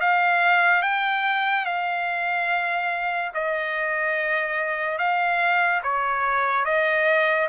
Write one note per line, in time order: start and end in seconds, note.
0.00 0.82 F5
0.82 1.65 G5
1.65 3.32 F5
3.34 4.98 D#5
4.98 5.81 F5
5.83 6.65 C#5
6.65 7.48 D#5